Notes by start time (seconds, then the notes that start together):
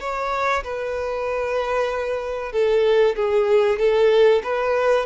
0.00 C#5
0.64 B4
2.52 A4
3.16 G#4
3.79 A4
4.43 B4